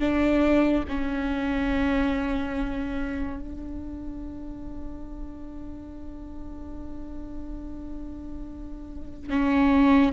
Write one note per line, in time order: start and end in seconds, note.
0.00 0.85 D4
0.89 3.40 C#4
3.40 9.30 D4
9.30 10.13 C#4